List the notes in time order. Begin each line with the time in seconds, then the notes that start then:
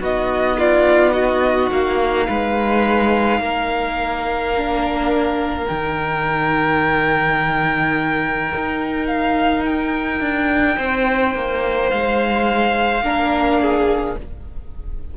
0.00 B3 D#4 F#4 D#5
0.59 F4 D5
1.12 F#4 D#5
1.71 A#3 F5
2.27 G#3 B4
3.40 A#3 A#4
4.57 D4
5.64 D#4 G5
5.70 D#3
8.55 D#4
9.07 F5
9.65 G5
10.21 D4
10.77 C4 C5
11.35 A#3
11.90 G#3 F5
13.02 A#3 D4 A#4
13.61 G#4